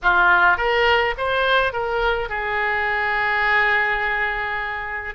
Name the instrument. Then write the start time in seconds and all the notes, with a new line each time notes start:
oboe
0.02 F4
0.57 A#4
1.17 C5
1.72 A#4
2.29 G#4